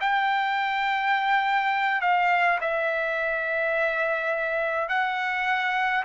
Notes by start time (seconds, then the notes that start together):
0.00 G5
2.01 F5
2.61 E5
4.88 F#5